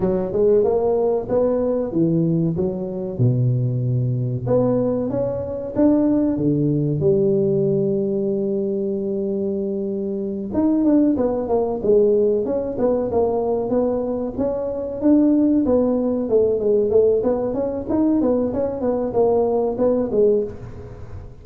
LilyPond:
\new Staff \with { instrumentName = "tuba" } { \time 4/4 \tempo 4 = 94 fis8 gis8 ais4 b4 e4 | fis4 b,2 b4 | cis'4 d'4 d4 g4~ | g1~ |
g8 dis'8 d'8 b8 ais8 gis4 cis'8 | b8 ais4 b4 cis'4 d'8~ | d'8 b4 a8 gis8 a8 b8 cis'8 | dis'8 b8 cis'8 b8 ais4 b8 gis8 | }